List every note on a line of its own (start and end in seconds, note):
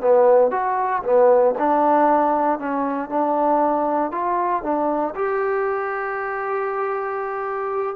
0.00 0.51 B3
0.51 1.02 F#4
1.03 1.54 B3
1.58 2.59 D4
2.59 3.09 C#4
3.09 4.11 D4
4.11 4.62 F4
4.62 5.14 D4
5.15 7.95 G4